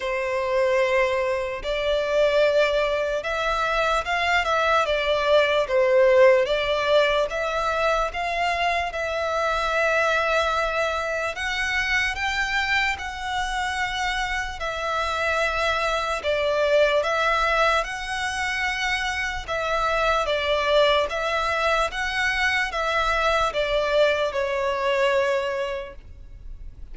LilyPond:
\new Staff \with { instrumentName = "violin" } { \time 4/4 \tempo 4 = 74 c''2 d''2 | e''4 f''8 e''8 d''4 c''4 | d''4 e''4 f''4 e''4~ | e''2 fis''4 g''4 |
fis''2 e''2 | d''4 e''4 fis''2 | e''4 d''4 e''4 fis''4 | e''4 d''4 cis''2 | }